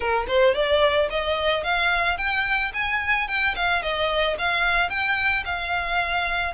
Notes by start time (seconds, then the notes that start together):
0.00 A#4
0.27 C5
0.54 D5
1.09 D#5
1.63 F5
2.17 G5
2.73 G#5
3.28 G5
3.55 F5
3.82 D#5
4.38 F5
4.89 G5
5.45 F5